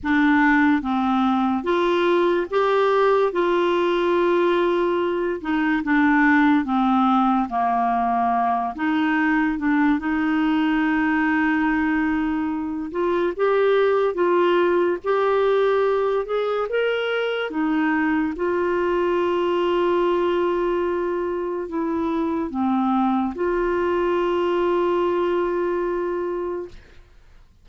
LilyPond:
\new Staff \with { instrumentName = "clarinet" } { \time 4/4 \tempo 4 = 72 d'4 c'4 f'4 g'4 | f'2~ f'8 dis'8 d'4 | c'4 ais4. dis'4 d'8 | dis'2.~ dis'8 f'8 |
g'4 f'4 g'4. gis'8 | ais'4 dis'4 f'2~ | f'2 e'4 c'4 | f'1 | }